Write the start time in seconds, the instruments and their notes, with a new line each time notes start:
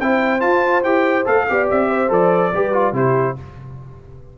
0.00 tuba C4, trombone E4, horn C5, trumpet G5
0.40 trombone F4, tuba F4, trumpet A5
0.84 tuba E4, trombone G4, trumpet G5
1.25 tuba A3, trombone A4, trumpet F5
1.49 tuba B3, trombone G4, horn D5
1.71 tuba C4, trumpet E5
1.89 horn C5
2.09 tuba F3, trombone A4, trumpet D5
2.54 tuba G3, trombone G4, horn B4
2.73 trombone F4
2.93 tuba C3, trombone E4, horn G4, trumpet C5